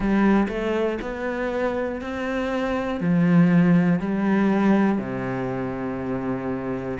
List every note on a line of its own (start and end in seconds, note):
0.00 0.47 G3
0.48 0.98 A3
1.01 2.01 B3
2.01 3.00 C4
3.00 3.99 F3
3.99 4.98 G3
4.98 6.98 C3